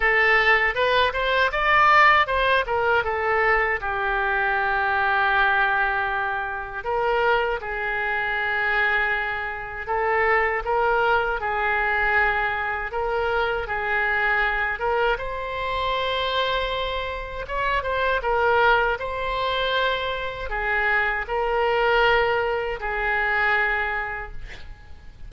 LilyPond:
\new Staff \with { instrumentName = "oboe" } { \time 4/4 \tempo 4 = 79 a'4 b'8 c''8 d''4 c''8 ais'8 | a'4 g'2.~ | g'4 ais'4 gis'2~ | gis'4 a'4 ais'4 gis'4~ |
gis'4 ais'4 gis'4. ais'8 | c''2. cis''8 c''8 | ais'4 c''2 gis'4 | ais'2 gis'2 | }